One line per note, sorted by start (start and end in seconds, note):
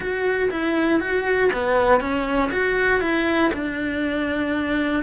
0.00 0.49 F#4
0.50 1.00 E4
1.00 1.51 F#4
1.52 2.00 B3
2.00 2.50 C#4
2.51 3.00 F#4
3.00 3.51 E4
3.53 5.03 D4